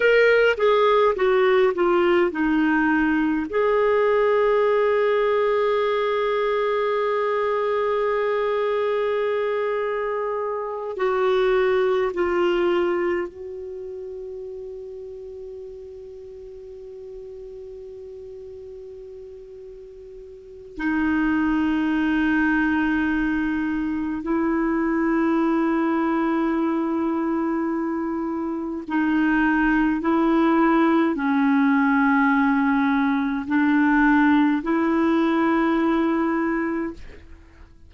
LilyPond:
\new Staff \with { instrumentName = "clarinet" } { \time 4/4 \tempo 4 = 52 ais'8 gis'8 fis'8 f'8 dis'4 gis'4~ | gis'1~ | gis'4. fis'4 f'4 fis'8~ | fis'1~ |
fis'2 dis'2~ | dis'4 e'2.~ | e'4 dis'4 e'4 cis'4~ | cis'4 d'4 e'2 | }